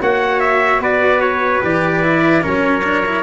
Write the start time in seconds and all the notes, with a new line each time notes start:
0.00 A#3 F#4 C#5 F#5
0.40 E5
0.80 B3 B4 D5
1.21 C#5
1.63 E3 G4 D5
2.02 E4
2.42 F#3 C#4 A#4 C#5
2.83 D4
3.05 E4